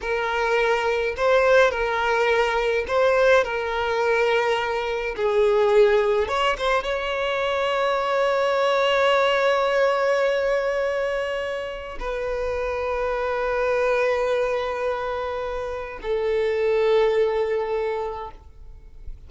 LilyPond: \new Staff \with { instrumentName = "violin" } { \time 4/4 \tempo 4 = 105 ais'2 c''4 ais'4~ | ais'4 c''4 ais'2~ | ais'4 gis'2 cis''8 c''8 | cis''1~ |
cis''1~ | cis''4 b'2.~ | b'1 | a'1 | }